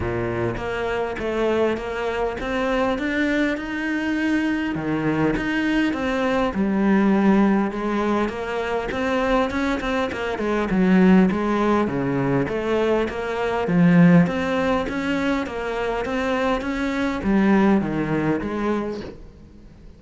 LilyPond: \new Staff \with { instrumentName = "cello" } { \time 4/4 \tempo 4 = 101 ais,4 ais4 a4 ais4 | c'4 d'4 dis'2 | dis4 dis'4 c'4 g4~ | g4 gis4 ais4 c'4 |
cis'8 c'8 ais8 gis8 fis4 gis4 | cis4 a4 ais4 f4 | c'4 cis'4 ais4 c'4 | cis'4 g4 dis4 gis4 | }